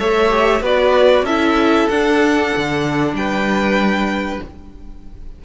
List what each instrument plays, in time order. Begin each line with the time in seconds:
0.00 cello A3, viola A4, violin C#5 E5
0.30 viola G4
0.61 cello B3, viola F#4, violin B4 D5
1.23 cello C#4, viola E4, violin A4 E5
1.89 cello D4, viola D4, violin F#5
2.57 cello D3
3.14 cello G3, violin B4 G5